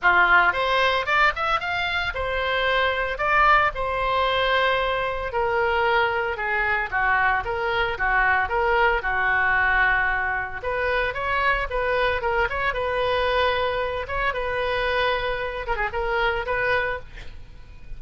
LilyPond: \new Staff \with { instrumentName = "oboe" } { \time 4/4 \tempo 4 = 113 f'4 c''4 d''8 e''8 f''4 | c''2 d''4 c''4~ | c''2 ais'2 | gis'4 fis'4 ais'4 fis'4 |
ais'4 fis'2. | b'4 cis''4 b'4 ais'8 cis''8 | b'2~ b'8 cis''8 b'4~ | b'4. ais'16 gis'16 ais'4 b'4 | }